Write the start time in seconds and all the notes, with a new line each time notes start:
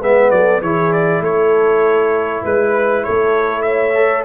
0.00 G#3 B3 B4 E5
0.31 F#3 A4 D5
0.62 E3 E4 G#4 C#5
0.93 D5
1.21 A3 A4 C#5
2.43 G#3 B4
3.04 A3 A4 C#5
3.62 C#5 E5
3.95 A4